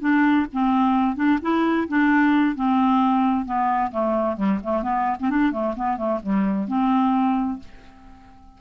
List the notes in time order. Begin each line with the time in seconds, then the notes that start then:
0.00 D4
0.52 C4
1.15 D4
1.42 E4
1.88 D4
2.55 C4
3.45 B3
3.91 A3
4.36 G3
4.63 A3
4.82 B3
5.19 C4
5.30 D4
5.51 A3
5.76 B3
5.96 A3
6.22 G3
6.67 C4